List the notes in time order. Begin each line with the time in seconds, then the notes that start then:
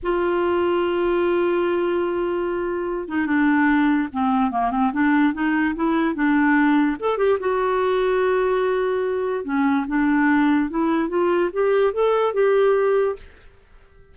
0.03 F4
3.08 D#4
3.26 D4
4.12 C4
4.51 A#3
4.71 C4
4.92 D4
5.33 D#4
5.75 E4
6.14 D4
6.99 A4
7.17 G4
7.39 F#4
9.44 C#4
9.87 D4
10.70 E4
11.08 F4
11.52 G4
11.93 A4
12.33 G4